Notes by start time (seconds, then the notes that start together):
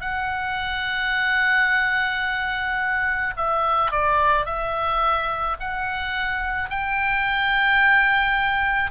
0.00 F#5
3.36 E5
3.91 D5
4.45 E5
5.59 F#5
6.69 G5